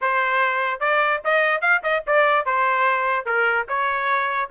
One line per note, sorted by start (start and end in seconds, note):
0.01 0.80 C5
0.80 1.20 D5
1.24 1.61 D#5
1.61 1.81 F5
1.83 2.03 D#5
2.06 2.45 D5
2.45 3.25 C5
3.25 3.66 A#4
3.68 4.50 C#5